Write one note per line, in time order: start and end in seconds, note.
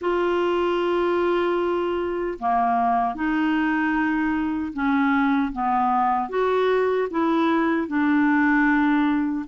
0.01 2.38 F4
2.39 3.14 A#3
3.14 4.72 D#4
4.73 5.52 C#4
5.52 6.29 B3
6.29 7.08 F#4
7.10 7.87 E4
7.87 9.45 D4